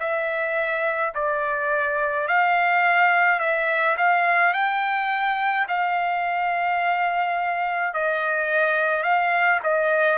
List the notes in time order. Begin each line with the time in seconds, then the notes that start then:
0.00 E5
1.15 D5
2.28 F5
3.40 E5
3.98 F5
4.53 G5
5.69 F5
7.94 D#5
9.03 F5
9.63 D#5